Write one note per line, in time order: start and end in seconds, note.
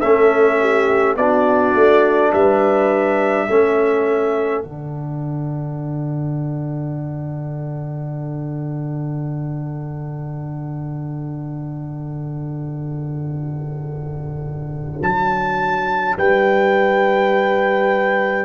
0.00 1.16 A3
0.00 1.18 C#4
0.00 0.58 A4
0.00 1.15 E5
0.60 1.18 G4
1.16 1.74 B3
1.16 3.49 D4
1.16 2.33 F#4
1.16 2.32 D5
1.74 2.32 A3
2.33 3.48 G3
2.33 3.48 B4
2.33 4.62 E5
3.48 4.64 A3
3.48 4.64 C#4
3.48 16.17 A4
4.62 15.01 D3
4.62 18.45 D4
4.62 15.01 F#5
15.01 16.17 F#3
15.01 16.18 A5
16.17 18.45 G3
16.17 18.45 B4
16.17 18.45 G5